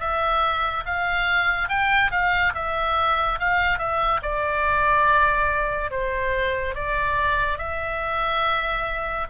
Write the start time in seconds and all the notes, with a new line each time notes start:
0.00 E5
0.86 F5
1.69 G5
2.12 F5
2.55 E5
3.40 F5
3.79 E5
4.23 D5
5.91 C5
6.75 D5
7.58 E5